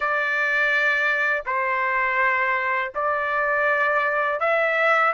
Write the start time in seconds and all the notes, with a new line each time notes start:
0.00 D5
1.46 C5
2.94 D5
4.39 E5